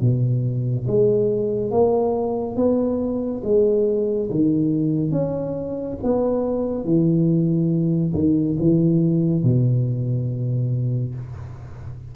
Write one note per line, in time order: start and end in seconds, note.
0.00 0.86 B2
0.86 1.71 G#3
1.71 2.56 A#3
2.56 3.42 B3
3.44 4.29 G#3
4.30 5.11 D#3
5.11 5.97 C#4
6.02 6.85 B3
6.85 8.13 E3
8.14 8.57 D#3
8.59 9.43 E3
9.43 11.14 B2